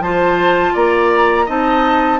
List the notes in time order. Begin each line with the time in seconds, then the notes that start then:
0.00 F3 F4 C5 A5
0.74 A#3 D5 A#5
1.46 C4 D#4 D#5 A5